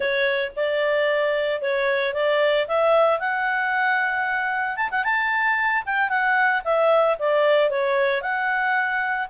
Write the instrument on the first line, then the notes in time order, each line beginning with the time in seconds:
clarinet
0.00 C#5
0.56 D5
1.61 C#5
2.13 D5
2.67 E5
3.19 F#5
4.76 A5
4.90 F#5
5.04 A5
5.85 G5
6.09 F#5
6.64 E5
7.18 D5
7.69 C#5
8.21 F#5